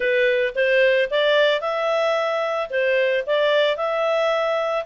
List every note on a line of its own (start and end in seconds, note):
0.00 0.53 B4
0.55 1.09 C5
1.10 1.61 D5
1.61 2.69 E5
2.70 3.24 C5
3.26 3.77 D5
3.77 4.85 E5